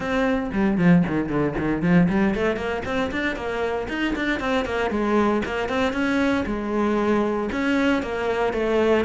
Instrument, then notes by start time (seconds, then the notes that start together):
cello
0.00 C4
0.52 G3
0.77 F3
1.07 D#3
1.28 D3
1.58 D#3
1.82 F3
2.08 G3
2.34 A3
2.56 A#3
2.85 C4
3.11 D4
3.36 A#3
3.88 D#4
4.15 D4
4.40 C4
4.65 A#3
4.90 G#3
5.45 A#3
5.68 C4
5.92 C#4
6.46 G#3
7.52 C#4
8.02 A#3
8.53 A3